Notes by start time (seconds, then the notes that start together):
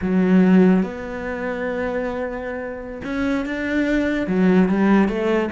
0.01 F#3
0.82 B3
3.04 C#4
3.45 D4
4.27 F#3
4.69 G3
5.08 A3